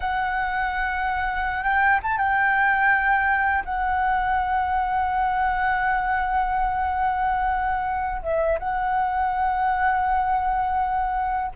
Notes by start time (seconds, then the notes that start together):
0.00 F#5
1.63 G5
2.02 A5
2.17 G5
3.65 F#5
8.22 E5
8.59 F#5